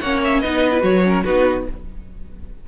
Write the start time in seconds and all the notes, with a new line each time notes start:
0.00 A#3 C#4 C#5 F#5
0.24 E5
0.40 B3 D#4 B4 D#5
0.72 E4
0.80 F#3 F#4 C#5
1.04 C#4 A#4
1.24 B3 D#4 F#4 B4